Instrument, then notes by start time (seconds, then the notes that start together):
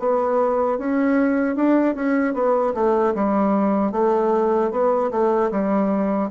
bassoon
0.00 B3
0.79 C#4
1.56 D4
1.96 C#4
2.34 B3
2.75 A3
3.15 G3
3.93 A3
4.72 B3
5.12 A3
5.52 G3